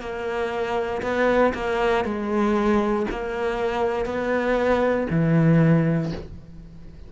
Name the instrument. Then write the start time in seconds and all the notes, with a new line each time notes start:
cello
0.00 A#3
1.02 B3
1.54 A#3
2.05 G#3
3.11 A#3
4.05 B3
5.10 E3